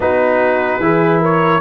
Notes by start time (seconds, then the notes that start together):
0.00 B3 D#4 F#4 B4
0.79 E3 E4 G#4
1.20 A#4 C#5